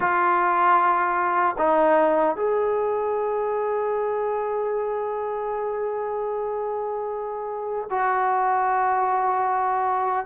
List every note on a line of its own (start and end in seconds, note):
0.00 1.56 F4
1.58 2.36 D#4
2.36 7.88 G#4
7.89 10.26 F#4